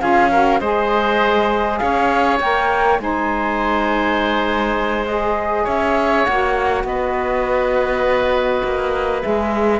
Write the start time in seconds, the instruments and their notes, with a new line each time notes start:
0.00 cello C#4, saxophone F4, oboe G#4, flute F5
0.31 saxophone F#4, oboe A#4
0.60 cello G#3, saxophone G#4, oboe C5, flute D#5
1.78 cello C#4, oboe C#5, flute F5
2.40 cello A#3, saxophone A#4, flute G5
2.98 cello G#3, saxophone D#4, oboe C5, flute G#5
5.06 saxophone G#4, flute D#5
5.64 cello C#4, oboe C#5, flute E5
6.25 cello A#3, saxophone F#4, flute F#5
6.84 cello B3, oboe B4, flute D#5
8.63 cello A#3
9.21 cello G#3, saxophone G#4, flute E5